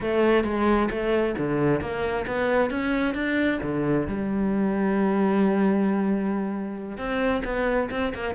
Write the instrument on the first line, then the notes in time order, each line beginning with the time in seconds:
cello
0.00 A3
0.44 G#3
0.90 A3
1.37 D3
1.80 A#3
2.27 B3
2.70 C#4
3.14 D4
3.62 D3
4.07 G3
6.97 C4
7.44 B3
7.90 C4
8.14 A#3